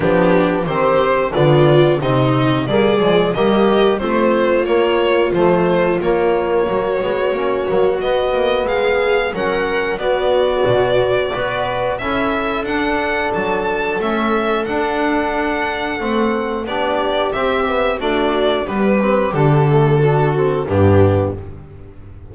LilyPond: <<
  \new Staff \with { instrumentName = "violin" } { \time 4/4 \tempo 4 = 90 g'4 c''4 d''4 dis''4 | d''4 dis''4 c''4 cis''4 | c''4 cis''2. | dis''4 f''4 fis''4 d''4~ |
d''2 e''4 fis''4 | a''4 e''4 fis''2~ | fis''4 d''4 e''4 d''4 | b'4 a'2 g'4 | }
  \new Staff \with { instrumentName = "viola" } { \time 4/4 d'4 g'4 f'4 dis'4 | gis'4 g'4 f'2~ | f'2 fis'2~ | fis'4 gis'4 ais'4 fis'4~ |
fis'4 b'4 a'2~ | a'1~ | a'4 g'2 fis'4 | g'2 fis'4 d'4 | }
  \new Staff \with { instrumentName = "trombone" } { \time 4/4 b4 c'4 b4 c'4 | ais8 gis8 ais4 c'4 ais4 | a4 ais4. b8 cis'8 ais8 | b2 cis'4 b4~ |
b4 fis'4 e'4 d'4~ | d'4 cis'4 d'2 | c'4 d'4 c'8 b8 a4 | b8 c'8 d'8 a8 d'8 c'8 b4 | }
  \new Staff \with { instrumentName = "double bass" } { \time 4/4 f4 dis4 d4 c4 | g8 f8 g4 a4 ais4 | f4 ais4 fis8 gis8 ais8 fis8 | b8 ais8 gis4 fis4 b4 |
b,4 b4 cis'4 d'4 | fis4 a4 d'2 | a4 b4 c'4 d'4 | g4 d2 g,4 | }
>>